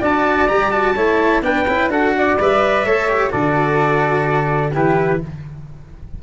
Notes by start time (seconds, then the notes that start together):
0.00 D4 F#4 D5 A5
0.48 G3 G4 A#5
0.71 F#4 A5
0.95 A3 E4 C#5
1.41 B3 D4 B4 G5
1.68 C#4 E4
1.88 D4 F#4 A4 F#5
2.17 D5
2.39 G3 B4 E5
2.85 A3 A4 C#5
3.09 G4
3.30 D3 F#4 A4 D5
4.73 E3 E4 G4 B4